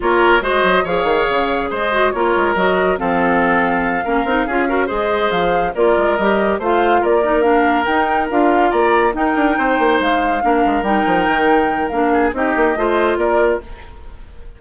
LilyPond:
<<
  \new Staff \with { instrumentName = "flute" } { \time 4/4 \tempo 4 = 141 cis''4 dis''4 f''2 | dis''4 cis''4 dis''4 f''4~ | f''2.~ f''8 dis''8~ | dis''8 f''4 d''4 dis''4 f''8~ |
f''8 d''4 f''4 g''4 f''8~ | f''8 ais''4 g''2 f''8~ | f''4. g''2~ g''8 | f''4 dis''2 d''4 | }
  \new Staff \with { instrumentName = "oboe" } { \time 4/4 ais'4 c''4 cis''2 | c''4 ais'2 a'4~ | a'4. ais'4 gis'8 ais'8 c''8~ | c''4. ais'2 c''8~ |
c''8 ais'2.~ ais'8~ | ais'8 d''4 ais'4 c''4.~ | c''8 ais'2.~ ais'8~ | ais'8 gis'8 g'4 c''4 ais'4 | }
  \new Staff \with { instrumentName = "clarinet" } { \time 4/4 f'4 fis'4 gis'2~ | gis'8 fis'8 f'4 fis'4 c'4~ | c'4. cis'8 dis'8 f'8 fis'8 gis'8~ | gis'4. f'4 g'4 f'8~ |
f'4 dis'8 d'4 dis'4 f'8~ | f'4. dis'2~ dis'8~ | dis'8 d'4 dis'2~ dis'8 | d'4 dis'4 f'2 | }
  \new Staff \with { instrumentName = "bassoon" } { \time 4/4 ais4 gis8 fis8 f8 dis8 cis4 | gis4 ais8 gis8 fis4 f4~ | f4. ais8 c'8 cis'4 gis8~ | gis8 f4 ais8 gis8 g4 a8~ |
a8 ais2 dis'4 d'8~ | d'8 ais4 dis'8 d'8 c'8 ais8 gis8~ | gis8 ais8 gis8 g8 f8 dis4. | ais4 c'8 ais8 a4 ais4 | }
>>